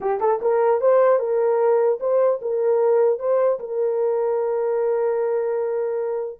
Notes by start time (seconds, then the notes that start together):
0.01 G4
0.20 A4
0.41 A#4
0.81 C5
1.19 A#4
1.99 C5
2.41 A#4
3.19 C5
3.59 A#4